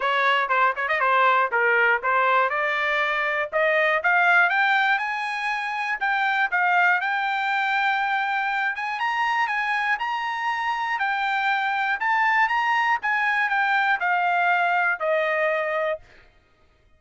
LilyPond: \new Staff \with { instrumentName = "trumpet" } { \time 4/4 \tempo 4 = 120 cis''4 c''8 cis''16 dis''16 c''4 ais'4 | c''4 d''2 dis''4 | f''4 g''4 gis''2 | g''4 f''4 g''2~ |
g''4. gis''8 ais''4 gis''4 | ais''2 g''2 | a''4 ais''4 gis''4 g''4 | f''2 dis''2 | }